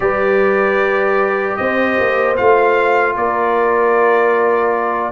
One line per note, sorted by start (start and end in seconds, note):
0.00 1.55 G3
0.00 2.36 G4
0.00 1.59 B4
0.00 1.56 D5
1.56 1.99 C4
1.56 3.17 C5
1.56 2.35 D#5
1.99 2.38 A#3
2.36 3.16 A3
2.36 5.12 F4
2.36 3.15 F5
3.16 5.12 A#3
3.16 5.12 A#4
3.16 5.12 D5